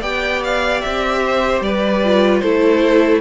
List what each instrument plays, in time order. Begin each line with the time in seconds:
0.00 cello B3, viola G4, violin D5 G5
0.43 violin F5
0.81 cello C4, violin E5
1.25 violin C5
1.61 cello G3, violin B4 D5
2.04 viola F4
2.39 cello A3, viola E4, violin A4 C5